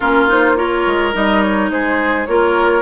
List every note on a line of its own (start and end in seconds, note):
0.00 0.86 A#3
0.00 0.28 C#4
0.00 0.55 F4
0.00 0.28 A#4
0.28 0.56 D#4
0.28 0.56 C5
0.56 1.13 F4
0.56 1.71 A#4
0.56 1.13 C#5
0.86 1.14 G#3
1.13 1.70 G3
1.13 2.26 D#4
1.13 1.42 D#5
1.42 1.70 C#5
1.70 2.26 G#3
1.70 2.28 G#4
1.70 2.26 C5
2.26 2.82 A#3
2.26 2.82 F4
2.26 2.82 A#4
2.26 2.82 C#5